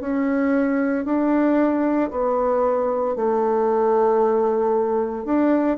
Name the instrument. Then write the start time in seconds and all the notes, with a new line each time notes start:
bassoon
0.00 C#4
1.05 D4
2.11 B3
3.16 A3
5.25 D4